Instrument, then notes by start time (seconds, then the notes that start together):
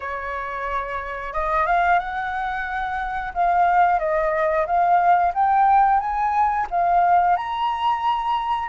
flute
0.00 C#5
1.33 D#5
1.66 F5
1.99 F#5
3.34 F5
3.99 D#5
4.66 F5
5.34 G5
6.00 G#5
6.70 F5
7.36 A#5